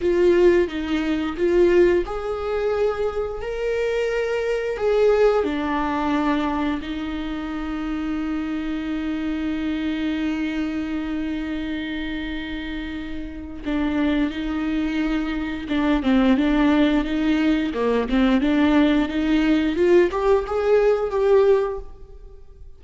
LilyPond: \new Staff \with { instrumentName = "viola" } { \time 4/4 \tempo 4 = 88 f'4 dis'4 f'4 gis'4~ | gis'4 ais'2 gis'4 | d'2 dis'2~ | dis'1~ |
dis'1 | d'4 dis'2 d'8 c'8 | d'4 dis'4 ais8 c'8 d'4 | dis'4 f'8 g'8 gis'4 g'4 | }